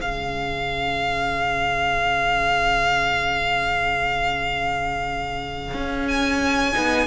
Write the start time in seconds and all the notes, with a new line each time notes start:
0.00 C#3 C#4 G#4 F5
5.74 C#4
6.08 G#5
6.73 B3 D#4